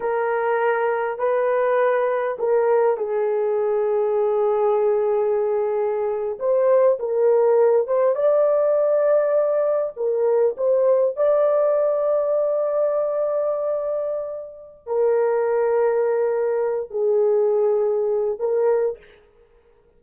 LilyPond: \new Staff \with { instrumentName = "horn" } { \time 4/4 \tempo 4 = 101 ais'2 b'2 | ais'4 gis'2.~ | gis'2~ gis'8. c''4 ais'16~ | ais'4~ ais'16 c''8 d''2~ d''16~ |
d''8. ais'4 c''4 d''4~ d''16~ | d''1~ | d''4 ais'2.~ | ais'8 gis'2~ gis'8 ais'4 | }